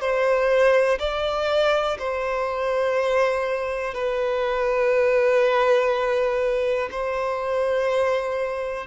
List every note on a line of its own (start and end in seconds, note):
0.00 0.98 C5
0.99 1.98 D5
1.99 3.94 C5
3.94 6.89 B4
6.91 8.86 C5